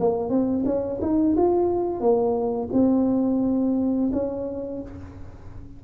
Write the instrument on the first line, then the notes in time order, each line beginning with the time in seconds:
tuba
0.00 A#3
0.30 C4
0.66 C#4
1.02 D#4
1.37 F4
2.00 A#3
2.73 C4
4.13 C#4